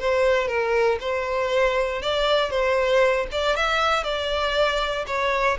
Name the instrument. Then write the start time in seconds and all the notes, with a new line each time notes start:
violin
0.00 C5
0.48 A#4
1.01 C5
2.02 D5
2.51 C5
3.32 D5
3.56 E5
4.04 D5
5.07 C#5